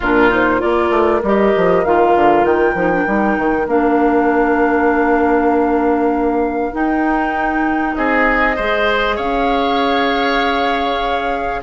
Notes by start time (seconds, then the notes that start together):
0.00 A#2 D4 F4 A#4
0.29 D#4 C5
0.59 A#3 F4 A#4 D5
0.90 A3
1.22 G3 G4 D#5
1.56 F3
1.84 D#3 F4 F5
2.15 D3
2.44 D#3 G5
2.74 F3 D#4
2.91 D4
3.06 G3 D#4
3.37 D#3
3.66 A#3 D4 F5
6.72 D#4 G5
7.95 C4 G#4 D#5
8.55 G#3 G#4 C5
9.15 C#4 C#5 F5